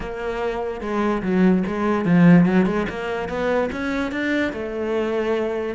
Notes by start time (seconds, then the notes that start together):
0.00 A#3
0.80 G#3
1.22 F#3
1.66 G#3
2.05 F3
2.45 F#3
2.65 G#3
2.89 A#3
3.28 B3
3.72 C#4
4.11 D4
4.52 A3